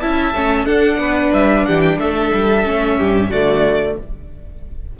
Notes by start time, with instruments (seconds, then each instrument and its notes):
0.00 cello C#4, viola E4, violin E5 A5
0.34 cello A3, viola C#4
0.65 cello D4, viola D4, violin A4 F#5
0.98 cello B3, violin B4
1.33 cello G3, violin E5
1.65 cello E3, violin G4 F#5
1.81 violin G5
1.98 cello A3, violin A4 E5
2.34 cello G3
2.64 cello A3, viola C#4
2.98 cello G2, violin G4
3.30 cello D3, viola A3, violin F#4 D5